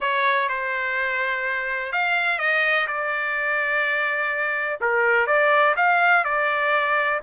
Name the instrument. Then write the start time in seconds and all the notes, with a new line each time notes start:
trumpet
0.00 C#5
0.48 C5
1.92 F5
2.38 D#5
2.87 D5
4.80 A#4
5.26 D5
5.76 F5
6.24 D5